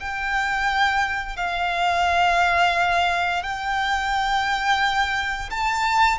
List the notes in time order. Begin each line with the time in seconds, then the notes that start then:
0.00 G5
1.37 F5
3.43 G5
5.50 A5